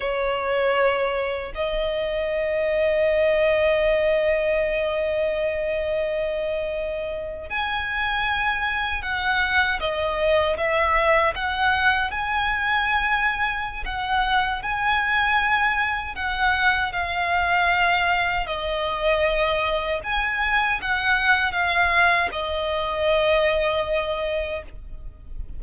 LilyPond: \new Staff \with { instrumentName = "violin" } { \time 4/4 \tempo 4 = 78 cis''2 dis''2~ | dis''1~ | dis''4.~ dis''16 gis''2 fis''16~ | fis''8. dis''4 e''4 fis''4 gis''16~ |
gis''2 fis''4 gis''4~ | gis''4 fis''4 f''2 | dis''2 gis''4 fis''4 | f''4 dis''2. | }